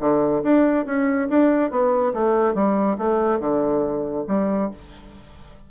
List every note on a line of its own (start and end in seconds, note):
0.00 0.43 D3
0.43 0.86 D4
0.86 1.28 C#4
1.29 1.71 D4
1.71 2.13 B3
2.13 2.54 A3
2.54 2.97 G3
2.98 3.40 A3
3.40 4.25 D3
4.28 4.70 G3